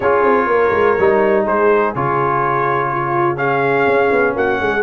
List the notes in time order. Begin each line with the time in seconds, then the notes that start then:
0.00 C#4 F4 G#4 C#5
0.23 C4
0.46 A#3 A#4
0.71 G#3
0.98 G3 D#4
1.44 G#3 G#4 C5
1.95 C#3 F4 C#5
2.90 F4
3.36 C#4 G#4 F5
3.87 C#4
4.11 B3
4.35 A#3 F#4 F#5
4.60 G#3 G#4